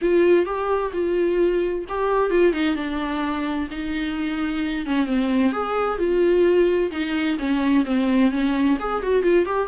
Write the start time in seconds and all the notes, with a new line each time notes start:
0.01 F4
0.45 G4
0.92 F4
1.89 G4
2.30 F4
2.52 D#4
2.75 D4
3.70 D#4
4.86 C#4
5.06 C4
5.52 G#4
5.98 F4
6.91 D#4
7.38 C#4
7.85 C4
8.31 C#4
8.79 G#4
9.02 F#4
9.23 F4
9.45 G4